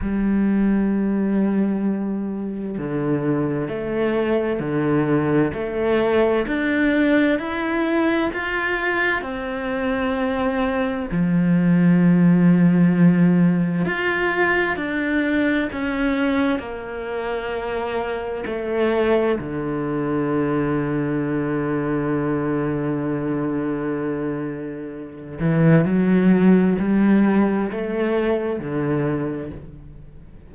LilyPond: \new Staff \with { instrumentName = "cello" } { \time 4/4 \tempo 4 = 65 g2. d4 | a4 d4 a4 d'4 | e'4 f'4 c'2 | f2. f'4 |
d'4 cis'4 ais2 | a4 d2.~ | d2.~ d8 e8 | fis4 g4 a4 d4 | }